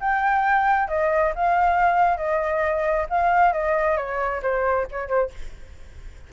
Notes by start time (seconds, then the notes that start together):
0.00 G5
0.88 D#5
1.35 F5
2.17 D#5
3.09 F5
3.53 D#5
3.97 C#5
4.42 C5
4.91 C#5
5.07 C5